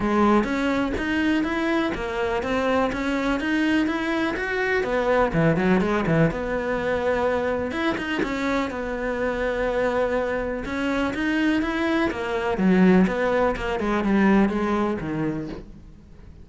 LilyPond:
\new Staff \with { instrumentName = "cello" } { \time 4/4 \tempo 4 = 124 gis4 cis'4 dis'4 e'4 | ais4 c'4 cis'4 dis'4 | e'4 fis'4 b4 e8 fis8 | gis8 e8 b2. |
e'8 dis'8 cis'4 b2~ | b2 cis'4 dis'4 | e'4 ais4 fis4 b4 | ais8 gis8 g4 gis4 dis4 | }